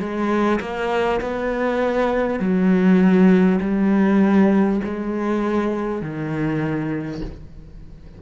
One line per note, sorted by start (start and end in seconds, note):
0.00 0.60 G#3
0.61 1.21 A#3
1.21 2.40 B3
2.40 3.60 F#3
3.61 4.81 G3
4.84 6.02 G#3
6.02 7.22 D#3